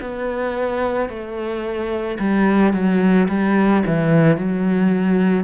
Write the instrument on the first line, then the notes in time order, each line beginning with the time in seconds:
cello
0.00 B3
1.09 A3
2.19 G3
2.73 F#3
3.28 G3
3.86 E3
4.37 F#3